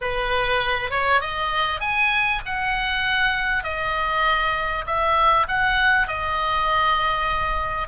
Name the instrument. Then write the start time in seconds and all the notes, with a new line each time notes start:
oboe
0.01 B4
0.90 C#5
1.20 D#5
1.80 G#5
2.45 F#5
3.63 D#5
4.86 E5
5.48 F#5
6.07 D#5